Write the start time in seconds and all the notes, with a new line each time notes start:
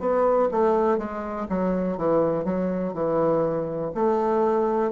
0.00 B3
0.52 A3
0.98 G#3
1.49 F#3
1.98 E3
2.45 F#3
2.94 E3
3.95 A3